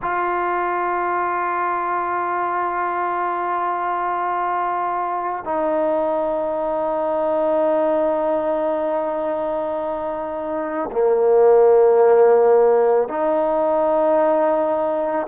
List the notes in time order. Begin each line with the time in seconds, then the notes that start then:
0.01 F4
5.44 D#4
10.91 A#3
13.08 D#4